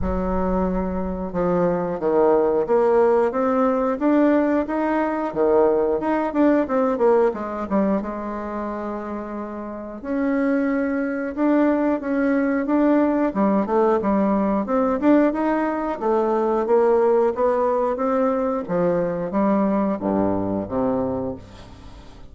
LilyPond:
\new Staff \with { instrumentName = "bassoon" } { \time 4/4 \tempo 4 = 90 fis2 f4 dis4 | ais4 c'4 d'4 dis'4 | dis4 dis'8 d'8 c'8 ais8 gis8 g8 | gis2. cis'4~ |
cis'4 d'4 cis'4 d'4 | g8 a8 g4 c'8 d'8 dis'4 | a4 ais4 b4 c'4 | f4 g4 g,4 c4 | }